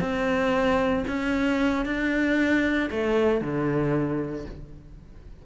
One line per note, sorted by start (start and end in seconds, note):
0.00 1.04 C4
1.07 1.85 C#4
1.85 2.90 D4
2.91 3.41 A3
3.41 4.45 D3